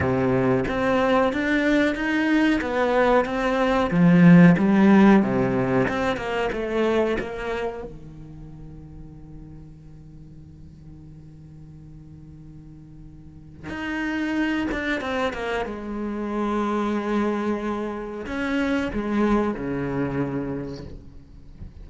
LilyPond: \new Staff \with { instrumentName = "cello" } { \time 4/4 \tempo 4 = 92 c4 c'4 d'4 dis'4 | b4 c'4 f4 g4 | c4 c'8 ais8 a4 ais4 | dis1~ |
dis1~ | dis4 dis'4. d'8 c'8 ais8 | gis1 | cis'4 gis4 cis2 | }